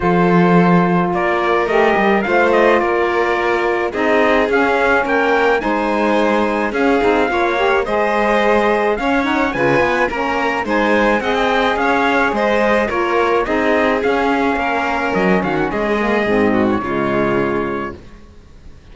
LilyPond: <<
  \new Staff \with { instrumentName = "trumpet" } { \time 4/4 \tempo 4 = 107 c''2 d''4 dis''4 | f''8 dis''8 d''2 dis''4 | f''4 g''4 gis''2 | f''2 dis''2 |
f''8 fis''8 gis''4 ais''4 gis''4 | fis''16 g''8. f''4 dis''4 cis''4 | dis''4 f''2 dis''8 f''16 fis''16 | dis''4.~ dis''16 cis''2~ cis''16 | }
  \new Staff \with { instrumentName = "violin" } { \time 4/4 a'2 ais'2 | c''4 ais'2 gis'4~ | gis'4 ais'4 c''2 | gis'4 cis''4 c''2 |
cis''4 b'4 ais'4 c''4 | dis''4 cis''4 c''4 ais'4 | gis'2 ais'4. fis'8 | gis'4. fis'8 f'2 | }
  \new Staff \with { instrumentName = "saxophone" } { \time 4/4 f'2. g'4 | f'2. dis'4 | cis'2 dis'2 | cis'8 dis'8 f'8 g'8 gis'2 |
cis'8 dis'8 f'4 cis'4 dis'4 | gis'2. f'4 | dis'4 cis'2.~ | cis'8 ais8 c'4 gis2 | }
  \new Staff \with { instrumentName = "cello" } { \time 4/4 f2 ais4 a8 g8 | a4 ais2 c'4 | cis'4 ais4 gis2 | cis'8 c'8 ais4 gis2 |
cis'4 cis8 b8 ais4 gis4 | c'4 cis'4 gis4 ais4 | c'4 cis'4 ais4 fis8 dis8 | gis4 gis,4 cis2 | }
>>